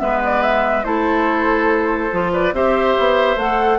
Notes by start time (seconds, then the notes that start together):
0.00 G#3 B3 B4 E5
0.25 D5
0.43 E5
0.84 A3 E4 A4 C5
2.12 F3 F4
2.33 B4 D5
2.53 C4 G4 C5 E5
2.99 B3
3.37 A3 A4 F#5